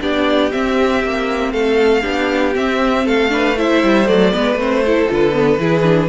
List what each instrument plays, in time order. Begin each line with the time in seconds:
0.00 cello B3, viola D4, violin G4 D5
0.51 viola C4, cello C4, violin E5
1.03 cello A#3
1.52 cello A3, violin A4 F5
2.02 cello B3, viola D4, violin G4
2.54 viola C4, cello C4, violin E5
3.04 cello A3, violin A4 F5
3.29 viola D4, violin B4
3.57 viola E4, violin C5 E5
3.83 cello G3
4.06 cello F#3, viola A3, violin D5
4.31 cello G#3, viola B3, violin B4
4.54 cello A3, viola C4, violin C5
4.85 viola E4, violin A4
5.08 cello D3, viola F4, violin B4
5.32 viola B3
5.58 cello E3, viola E4, violin G#4
5.83 viola D4